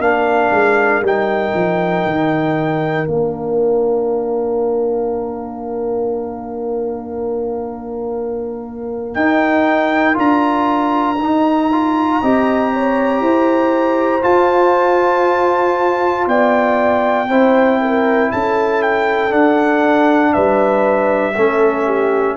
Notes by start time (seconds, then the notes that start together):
0.00 A#3 D4 A#4 F5
0.52 G#3
1.02 G3 D#4 G5
1.55 F3
2.06 D#3
3.07 A#3 D4 F5
9.15 D#4 G5
10.14 D4 F4 A#5
11.19 D#4
11.72 F4
12.21 C4 G4 D#5
12.74 C#5
13.21 E4 C5
14.22 F4 A5
16.27 B3 D5 G5
17.29 C4 E4 C5
17.82 A#4
18.32 C#4 A4 A5
18.83 G5
19.30 D4 F#5
20.34 G3 B4 E5
21.36 A3 C#4 A4
21.86 G4